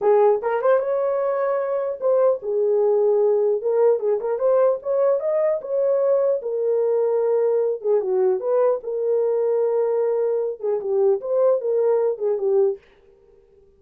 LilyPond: \new Staff \with { instrumentName = "horn" } { \time 4/4 \tempo 4 = 150 gis'4 ais'8 c''8 cis''2~ | cis''4 c''4 gis'2~ | gis'4 ais'4 gis'8 ais'8 c''4 | cis''4 dis''4 cis''2 |
ais'2.~ ais'8 gis'8 | fis'4 b'4 ais'2~ | ais'2~ ais'8 gis'8 g'4 | c''4 ais'4. gis'8 g'4 | }